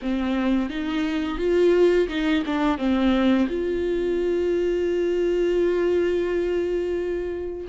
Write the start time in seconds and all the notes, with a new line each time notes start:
0.02 C4
0.69 D#4
1.38 F4
2.08 D#4
2.46 D4
2.77 C4
3.49 F4